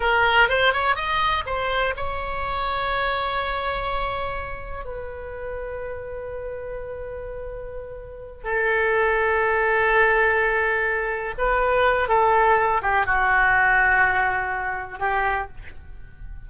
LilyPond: \new Staff \with { instrumentName = "oboe" } { \time 4/4 \tempo 4 = 124 ais'4 c''8 cis''8 dis''4 c''4 | cis''1~ | cis''2 b'2~ | b'1~ |
b'4. a'2~ a'8~ | a'2.~ a'8 b'8~ | b'4 a'4. g'8 fis'4~ | fis'2. g'4 | }